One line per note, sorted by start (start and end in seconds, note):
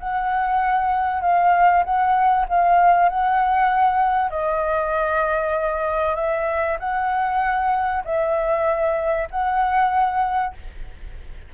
0.00 1.22 F#5
1.22 1.84 F5
1.84 2.46 F#5
2.49 3.09 F5
3.09 4.31 F#5
4.31 6.16 D#5
6.16 6.78 E5
6.80 8.04 F#5
8.05 9.29 E5
9.31 10.55 F#5